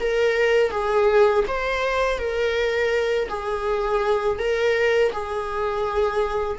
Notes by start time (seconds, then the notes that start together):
0.00 A#4
0.71 G#4
1.48 C5
2.19 A#4
3.29 G#4
4.39 A#4
5.13 G#4